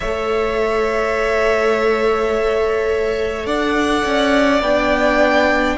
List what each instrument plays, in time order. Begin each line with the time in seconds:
0.00 cello A3, viola A4, violin C#5 E5
3.45 cello D4, violin D5 F#5
4.05 cello C#4
4.61 cello B3, viola D4, violin G5